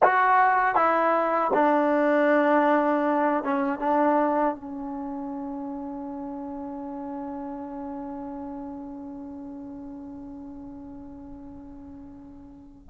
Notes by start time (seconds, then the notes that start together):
0.02 F#4
0.75 E4
1.53 D4
3.43 C#4
3.79 D4
4.55 C#4